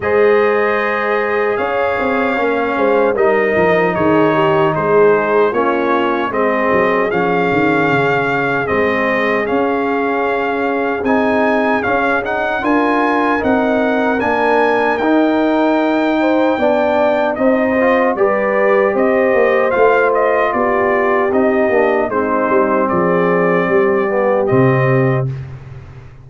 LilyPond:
<<
  \new Staff \with { instrumentName = "trumpet" } { \time 4/4 \tempo 4 = 76 dis''2 f''2 | dis''4 cis''4 c''4 cis''4 | dis''4 f''2 dis''4 | f''2 gis''4 f''8 fis''8 |
gis''4 fis''4 gis''4 g''4~ | g''2 dis''4 d''4 | dis''4 f''8 dis''8 d''4 dis''4 | c''4 d''2 dis''4 | }
  \new Staff \with { instrumentName = "horn" } { \time 4/4 c''2 cis''4. c''8 | ais'4 gis'8 g'8 gis'4 f'4 | gis'1~ | gis'1 |
ais'1~ | ais'8 c''8 d''4 c''4 b'4 | c''2 g'2 | dis'4 gis'4 g'2 | }
  \new Staff \with { instrumentName = "trombone" } { \time 4/4 gis'2. cis'4 | dis'2. cis'4 | c'4 cis'2 c'4 | cis'2 dis'4 cis'8 dis'8 |
f'4 dis'4 d'4 dis'4~ | dis'4 d'4 dis'8 f'8 g'4~ | g'4 f'2 dis'8 d'8 | c'2~ c'8 b8 c'4 | }
  \new Staff \with { instrumentName = "tuba" } { \time 4/4 gis2 cis'8 c'8 ais8 gis8 | g8 f8 dis4 gis4 ais4 | gis8 fis8 f8 dis8 cis4 gis4 | cis'2 c'4 cis'4 |
d'4 c'4 ais4 dis'4~ | dis'4 b4 c'4 g4 | c'8 ais8 a4 b4 c'8 ais8 | gis8 g8 f4 g4 c4 | }
>>